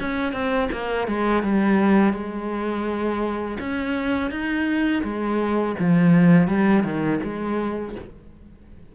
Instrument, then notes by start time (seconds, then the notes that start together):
cello
0.00 C#4
0.33 C4
0.72 A#3
1.07 G#3
1.43 G3
2.13 G#3
3.59 C#4
4.30 D#4
5.03 G#3
5.79 F3
6.48 G3
6.83 D#3
7.23 G#3